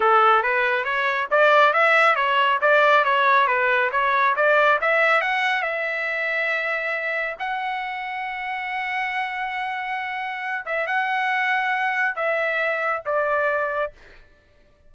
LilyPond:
\new Staff \with { instrumentName = "trumpet" } { \time 4/4 \tempo 4 = 138 a'4 b'4 cis''4 d''4 | e''4 cis''4 d''4 cis''4 | b'4 cis''4 d''4 e''4 | fis''4 e''2.~ |
e''4 fis''2.~ | fis''1~ | fis''8 e''8 fis''2. | e''2 d''2 | }